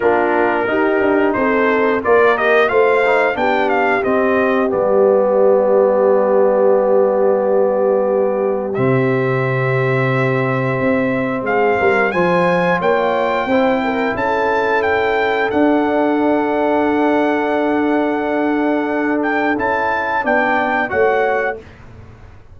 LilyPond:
<<
  \new Staff \with { instrumentName = "trumpet" } { \time 4/4 \tempo 4 = 89 ais'2 c''4 d''8 dis''8 | f''4 g''8 f''8 dis''4 d''4~ | d''1~ | d''4 e''2.~ |
e''4 f''4 gis''4 g''4~ | g''4 a''4 g''4 fis''4~ | fis''1~ | fis''8 g''8 a''4 g''4 fis''4 | }
  \new Staff \with { instrumentName = "horn" } { \time 4/4 f'4 g'4 a'4 ais'4 | c''4 g'2.~ | g'1~ | g'1~ |
g'4 gis'8 ais'8 c''4 cis''4 | c''8 ais'8 a'2.~ | a'1~ | a'2 d''4 cis''4 | }
  \new Staff \with { instrumentName = "trombone" } { \time 4/4 d'4 dis'2 f'8 g'8 | f'8 dis'8 d'4 c'4 b4~ | b1~ | b4 c'2.~ |
c'2 f'2 | e'2. d'4~ | d'1~ | d'4 e'4 d'4 fis'4 | }
  \new Staff \with { instrumentName = "tuba" } { \time 4/4 ais4 dis'8 d'8 c'4 ais4 | a4 b4 c'4 g4~ | g1~ | g4 c2. |
c'4 gis8 g8 f4 ais4 | c'4 cis'2 d'4~ | d'1~ | d'4 cis'4 b4 a4 | }
>>